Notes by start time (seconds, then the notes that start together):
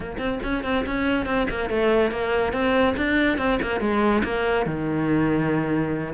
0.00 A#3
0.18 C4
0.43 C#4
0.64 C4
0.85 C#4
1.26 C4
1.50 A#3
1.69 A3
2.11 A#3
2.52 C4
2.96 D4
3.38 C4
3.62 A#3
3.80 G#3
4.23 A#3
4.66 D#3